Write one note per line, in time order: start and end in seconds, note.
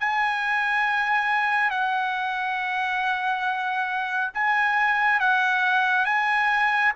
0.00 1.70 G#5
1.70 4.31 F#5
4.34 5.20 G#5
5.20 6.05 F#5
6.05 6.92 G#5